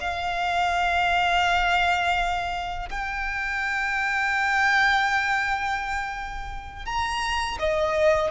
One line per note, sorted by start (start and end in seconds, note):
0.00 2.89 F5
2.89 6.85 G5
6.85 7.58 A#5
7.59 8.31 D#5